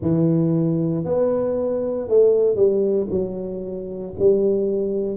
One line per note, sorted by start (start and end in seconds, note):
0.01 1.04 E3
1.04 2.08 B3
2.08 2.55 A3
2.55 3.07 G3
3.10 4.13 F#3
4.18 5.17 G3